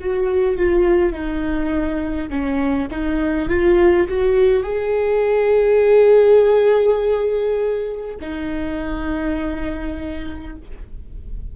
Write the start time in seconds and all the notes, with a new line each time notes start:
0.00 F#4
0.58 F4
1.13 D#4
2.30 C#4
2.91 D#4
3.49 F4
4.09 F#4
4.64 G#4
8.21 D#4